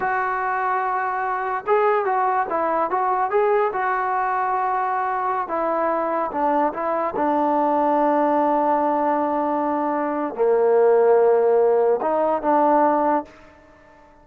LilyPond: \new Staff \with { instrumentName = "trombone" } { \time 4/4 \tempo 4 = 145 fis'1 | gis'4 fis'4 e'4 fis'4 | gis'4 fis'2.~ | fis'4~ fis'16 e'2 d'8.~ |
d'16 e'4 d'2~ d'8.~ | d'1~ | d'4 ais2.~ | ais4 dis'4 d'2 | }